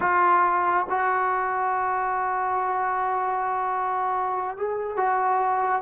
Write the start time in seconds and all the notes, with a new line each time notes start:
0.00 F4
0.89 F#4
4.56 G#4
4.96 F#4